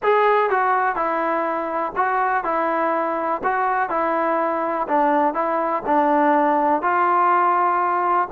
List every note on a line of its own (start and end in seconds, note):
0.02 0.49 G#4
0.49 0.95 F#4
0.95 1.93 E4
1.96 2.43 F#4
2.43 3.41 E4
3.43 3.89 F#4
3.89 4.87 E4
4.88 5.33 D4
5.33 5.82 E4
5.85 6.82 D4
6.82 8.28 F4